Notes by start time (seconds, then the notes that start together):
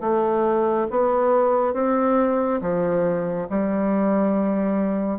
0.00 A3
0.90 B3
1.74 C4
2.61 F3
3.49 G3